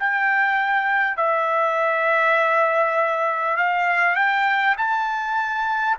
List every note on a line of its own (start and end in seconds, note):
0.00 1.17 G5
1.17 3.57 E5
3.57 4.16 F5
4.16 4.76 G5
4.78 5.98 A5